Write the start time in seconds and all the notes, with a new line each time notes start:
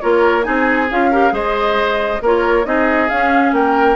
0.00 A#3 F4 A#4 C#5
0.43 C4 D#4 G#4 G#5
0.90 C#4 F4 F5
1.10 G4 A#4
1.30 G#3 G#4 C5 D#5
2.21 A#3 F4 A#4 C#5
2.64 C4 D#4 G#4 D#5
3.08 C#4 F5
3.52 A#3 A#4 G5